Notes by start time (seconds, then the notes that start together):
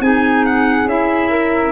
0.00 C4 D#4 G#4 G#5
0.46 F#5
0.85 C#4 E4 E5
1.30 A#4